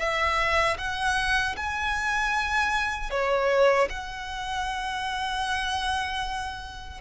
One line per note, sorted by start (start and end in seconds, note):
0.00 0.78 E5
0.78 1.56 F#5
1.57 3.11 G#5
3.11 3.89 C#5
3.90 7.01 F#5